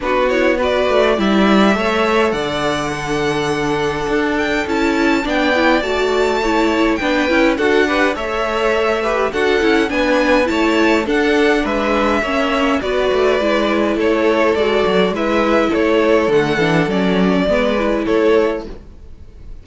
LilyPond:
<<
  \new Staff \with { instrumentName = "violin" } { \time 4/4 \tempo 4 = 103 b'8 cis''8 d''4 e''2 | fis''2.~ fis''8 g''8 | a''4 g''4 a''2 | g''4 fis''4 e''2 |
fis''4 gis''4 a''4 fis''4 | e''2 d''2 | cis''4 d''4 e''4 cis''4 | fis''4 d''2 cis''4 | }
  \new Staff \with { instrumentName = "violin" } { \time 4/4 fis'4 b'4 d''4 cis''4 | d''4 a'2.~ | a'4 d''2 cis''4 | b'4 a'8 b'8 cis''4. b'8 |
a'4 b'4 cis''4 a'4 | b'4 cis''4 b'2 | a'2 b'4 a'4~ | a'2 b'4 a'4 | }
  \new Staff \with { instrumentName = "viola" } { \time 4/4 d'8 e'8 fis'4 e'4 a'4~ | a'4 d'2. | e'4 d'8 e'8 fis'4 e'4 | d'8 e'8 fis'8 g'8 a'4. g'8 |
fis'8 e'8 d'4 e'4 d'4~ | d'4 cis'4 fis'4 e'4~ | e'4 fis'4 e'2 | a8 d'8 cis'4 b8 e'4. | }
  \new Staff \with { instrumentName = "cello" } { \time 4/4 b4. a8 g4 a4 | d2. d'4 | cis'4 b4 a2 | b8 cis'8 d'4 a2 |
d'8 cis'8 b4 a4 d'4 | gis4 ais4 b8 a8 gis4 | a4 gis8 fis8 gis4 a4 | d8 e8 fis4 gis4 a4 | }
>>